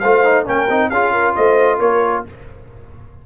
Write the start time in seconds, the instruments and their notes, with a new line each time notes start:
0.00 tuba A3, trombone F4, horn C5, trumpet F5
0.24 trombone D#4
0.46 tuba A#3, trombone C#4, horn A#4, trumpet G5
0.70 tuba C4, trombone D#4
0.90 tuba C#4, trombone F4, horn G#4, trumpet F5
1.13 horn A#4
1.36 tuba A3, horn C5, trumpet D#5
1.79 tuba A#3, horn A#4, trumpet C#5